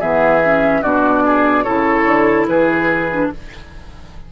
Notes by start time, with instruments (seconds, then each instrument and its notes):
0.00 bassoon E3, clarinet B3, oboe G#4, flute E5
0.45 clarinet C#4
0.82 bassoon B2, clarinet D4, oboe F#4, flute D5
1.26 oboe G#4
1.64 bassoon C#3, clarinet E4, oboe A4, flute C#5
2.06 bassoon D3
2.48 bassoon E3, oboe G#4, flute B4
3.12 clarinet D4